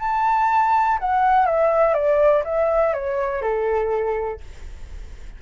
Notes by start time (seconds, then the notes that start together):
0.00 A5
0.99 F#5
1.46 E5
1.94 D5
2.44 E5
2.93 C#5
3.42 A4